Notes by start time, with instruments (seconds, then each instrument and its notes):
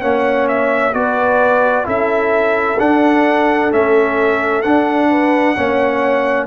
0.00 tuba A#3, trombone C#4, horn C#5, trumpet F#5
0.48 trumpet E5
0.93 tuba B3, trombone F#4, horn B4, trumpet D5
1.84 tuba C#4, trombone E4, horn A4, trumpet E5
2.78 trombone D4, tuba D4, trumpet F#5
3.70 tuba A3, trombone C#4, trumpet E5
4.62 trombone D4, tuba D4, trumpet F#5
5.09 horn B4
5.56 tuba A#3, trombone C#4, horn C#5